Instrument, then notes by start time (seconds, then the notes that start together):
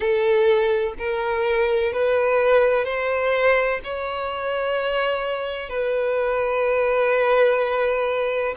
violin
0.00 A4
0.98 A#4
1.93 B4
2.84 C5
3.84 C#5
5.69 B4